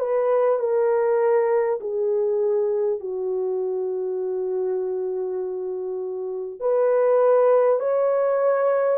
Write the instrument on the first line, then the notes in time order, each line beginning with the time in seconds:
horn
0.00 B4
0.59 A#4
1.81 G#4
3.01 F#4
6.61 B4
7.80 C#5